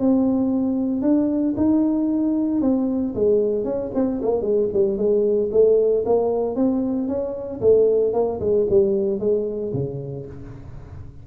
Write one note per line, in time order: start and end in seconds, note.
0.00 1.02 C4
1.02 1.55 D4
1.57 2.61 D#4
2.61 3.14 C4
3.15 3.65 G#3
3.65 3.91 C#4
3.94 4.21 C4
4.22 4.42 A#3
4.42 4.68 G#3
4.73 4.98 G3
4.98 5.50 G#3
5.52 6.05 A3
6.06 6.56 A#3
6.56 7.08 C4
7.08 7.61 C#4
7.61 8.13 A3
8.13 8.40 A#3
8.40 8.67 G#3
8.70 9.20 G3
9.20 9.73 G#3
9.73 10.26 C#3